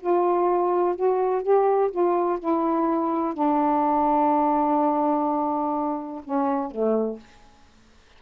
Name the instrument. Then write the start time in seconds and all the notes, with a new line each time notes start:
saxophone
0.00 F4
0.96 F#4
1.42 G4
1.91 F4
2.39 E4
3.34 D4
6.24 C#4
6.71 A3